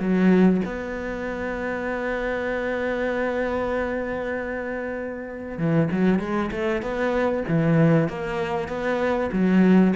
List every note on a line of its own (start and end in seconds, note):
0.00 0.62 F#3
0.66 5.58 B3
5.58 5.89 E3
5.92 6.20 F#3
6.20 6.51 G#3
6.51 6.82 A3
6.82 7.44 B3
7.49 8.09 E3
8.09 8.69 A#3
8.69 9.30 B3
9.33 9.94 F#3